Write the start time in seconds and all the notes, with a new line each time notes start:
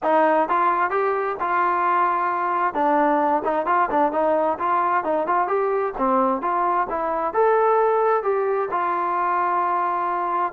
0.03 D#4
0.48 F4
0.90 G4
1.40 F4
2.74 D4
3.44 D#4
3.66 F4
3.90 D4
4.12 D#4
4.58 F4
5.04 D#4
5.27 F4
5.47 G4
5.97 C4
6.41 F4
6.89 E4
7.33 A4
8.23 G4
8.70 F4